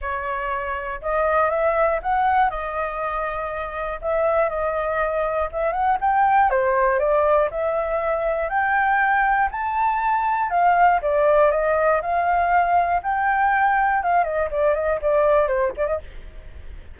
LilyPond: \new Staff \with { instrumentName = "flute" } { \time 4/4 \tempo 4 = 120 cis''2 dis''4 e''4 | fis''4 dis''2. | e''4 dis''2 e''8 fis''8 | g''4 c''4 d''4 e''4~ |
e''4 g''2 a''4~ | a''4 f''4 d''4 dis''4 | f''2 g''2 | f''8 dis''8 d''8 dis''8 d''4 c''8 d''16 dis''16 | }